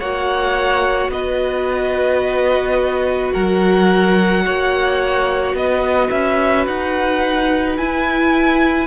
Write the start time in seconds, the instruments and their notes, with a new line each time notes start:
0.00 cello A#3, viola F#4, violin C#5 F#5
1.09 cello B3, violin B4 D#5
3.33 cello F#3, violin A#4 F#5
4.46 cello A#3, violin C#5
5.54 cello B3, violin B4 D#5
6.10 cello C#4, violin E5
6.67 cello D#4, violin F#5
7.78 viola E4, cello E4, violin G#5